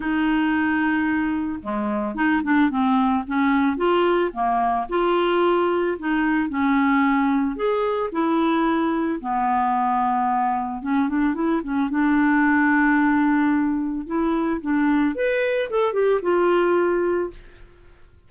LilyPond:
\new Staff \with { instrumentName = "clarinet" } { \time 4/4 \tempo 4 = 111 dis'2. gis4 | dis'8 d'8 c'4 cis'4 f'4 | ais4 f'2 dis'4 | cis'2 gis'4 e'4~ |
e'4 b2. | cis'8 d'8 e'8 cis'8 d'2~ | d'2 e'4 d'4 | b'4 a'8 g'8 f'2 | }